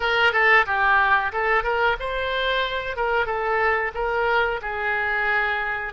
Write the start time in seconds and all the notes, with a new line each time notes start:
0.00 A#4
0.32 A4
0.66 G4
1.32 A4
1.63 A#4
1.99 C5
2.96 A#4
3.25 A4
3.94 A#4
4.61 G#4